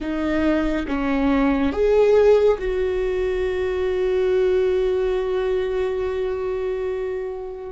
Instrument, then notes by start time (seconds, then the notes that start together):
viola
0.00 D#4
0.87 C#4
1.72 G#4
2.58 F#4